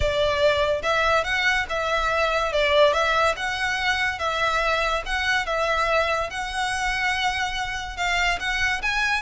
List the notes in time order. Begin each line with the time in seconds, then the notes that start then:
0.00 D5
0.82 E5
1.24 F#5
1.69 E5
2.52 D5
2.93 E5
3.36 F#5
4.18 E5
5.05 F#5
5.46 E5
6.30 F#5
7.97 F5
8.39 F#5
8.82 G#5